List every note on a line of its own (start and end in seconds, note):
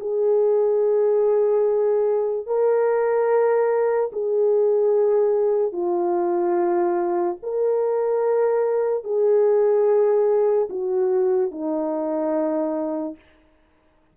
0.00 2.46 G#4
2.46 4.10 A#4
4.12 5.72 G#4
5.72 7.37 F4
7.42 9.04 A#4
9.04 10.68 G#4
10.69 11.51 F#4
11.51 13.15 D#4